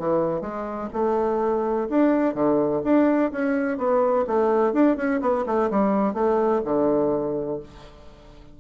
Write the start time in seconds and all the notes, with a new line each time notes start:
0.00 E3
0.42 G#3
0.94 A3
1.90 D4
2.35 D3
2.84 D4
3.32 C#4
3.78 B3
4.27 A3
4.74 D4
4.97 C#4
5.22 B3
5.47 A3
5.71 G3
6.14 A3
6.65 D3